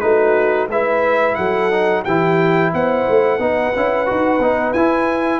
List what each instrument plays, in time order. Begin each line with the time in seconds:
0.00 tuba A3, trombone D#4, horn F#4, trumpet B4
0.68 tuba G#3, trombone E4, horn B4, trumpet E5
1.35 tuba F#3, horn A4, trumpet F#5
1.71 trombone D#4
2.03 tuba E3, trombone E4, horn G4, trumpet G5
2.73 tuba B3, horn C5, trumpet F#5
3.09 tuba A3
3.38 tuba B3, trombone D#4, horn B4
3.76 tuba C#4, trombone E4
4.06 tuba D#4, trombone F#4
4.39 tuba B3, trombone D#4
4.73 tuba E4, trombone E4, trumpet G#5